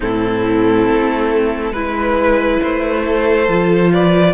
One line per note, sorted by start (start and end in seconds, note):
0.00 0.88 A2
0.00 1.73 C4
0.00 1.72 E4
0.00 1.73 A4
0.88 1.71 A3
1.71 2.58 G#3
1.71 3.48 E4
1.71 3.02 B4
1.71 2.60 B4
2.61 3.47 A3
2.61 3.92 C5
3.04 3.91 A4
3.47 4.33 F3
3.47 4.33 F4
3.91 4.33 B4
3.91 4.33 D5